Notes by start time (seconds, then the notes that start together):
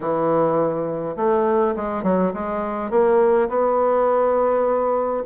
0.00 E3
1.16 A3
1.76 G#3
2.03 F#3
2.33 G#3
2.90 A#3
3.48 B3